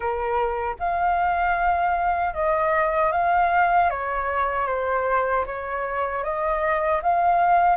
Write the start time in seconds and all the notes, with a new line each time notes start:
0.00 A#4
0.79 F5
2.34 D#5
3.12 F5
3.90 C#5
4.66 C5
5.45 C#5
6.23 D#5
7.02 F5